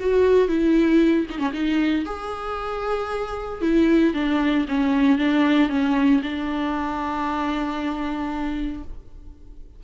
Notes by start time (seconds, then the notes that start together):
0.00 F#4
0.48 E4
1.30 D#4
1.39 C#4
1.53 D#4
2.06 G#4
3.62 E4
4.14 D4
4.68 C#4
5.19 D4
5.69 C#4
6.23 D4